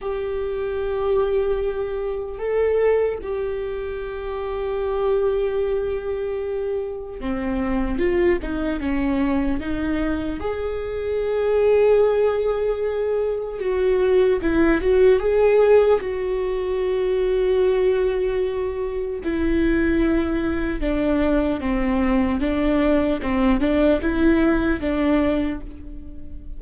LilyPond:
\new Staff \with { instrumentName = "viola" } { \time 4/4 \tempo 4 = 75 g'2. a'4 | g'1~ | g'4 c'4 f'8 dis'8 cis'4 | dis'4 gis'2.~ |
gis'4 fis'4 e'8 fis'8 gis'4 | fis'1 | e'2 d'4 c'4 | d'4 c'8 d'8 e'4 d'4 | }